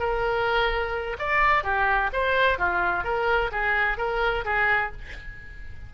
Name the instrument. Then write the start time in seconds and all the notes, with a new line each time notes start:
oboe
0.00 A#4
1.19 D5
1.64 G4
2.13 C5
2.59 F4
3.04 A#4
3.52 G#4
3.98 A#4
4.45 G#4